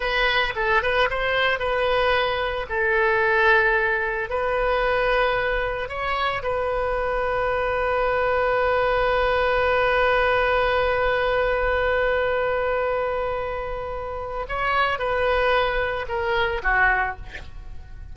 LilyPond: \new Staff \with { instrumentName = "oboe" } { \time 4/4 \tempo 4 = 112 b'4 a'8 b'8 c''4 b'4~ | b'4 a'2. | b'2. cis''4 | b'1~ |
b'1~ | b'1~ | b'2. cis''4 | b'2 ais'4 fis'4 | }